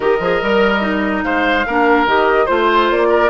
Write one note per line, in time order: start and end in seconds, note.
0.00 0.19 D#3
0.00 0.18 G4
0.00 1.24 A#4
0.00 1.23 D#5
0.19 0.40 F3
0.19 0.41 G#4
0.41 1.24 G3
0.41 0.81 A#4
0.81 1.64 D#4
1.23 1.65 G#3
1.23 1.66 C5
1.23 2.06 F5
1.66 2.06 A#3
1.66 2.07 D4
1.66 2.45 A#4
2.06 2.47 D#3
2.06 2.47 G4
2.06 2.46 D#5
2.45 2.90 A3
2.45 3.29 F4
2.45 3.07 C5
2.45 2.88 C5
2.90 3.29 A#3
2.90 3.29 D5
3.09 3.29 A#4